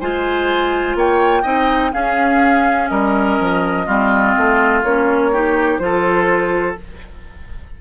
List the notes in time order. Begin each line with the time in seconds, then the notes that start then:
0.00 G#3 F4 C5 G#5
0.95 A#3 C#5 G5
1.42 C4 D#4 D#5
1.92 C#4 G#4 F5
2.88 G3 A#4 D#5
3.40 F3
3.86 G3 C4 F4
4.37 A3
4.83 A#3 C#4 C#5
5.32 D#4 G4
5.78 F3 F4 C5
5.84 A4